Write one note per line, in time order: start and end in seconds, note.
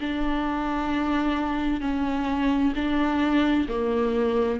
0.00 1.80 D4
1.80 2.73 C#4
2.75 3.67 D4
3.68 4.60 A#3